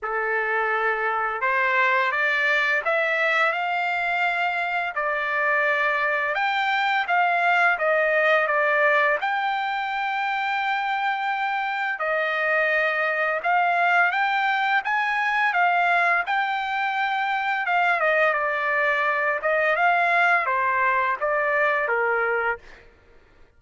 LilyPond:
\new Staff \with { instrumentName = "trumpet" } { \time 4/4 \tempo 4 = 85 a'2 c''4 d''4 | e''4 f''2 d''4~ | d''4 g''4 f''4 dis''4 | d''4 g''2.~ |
g''4 dis''2 f''4 | g''4 gis''4 f''4 g''4~ | g''4 f''8 dis''8 d''4. dis''8 | f''4 c''4 d''4 ais'4 | }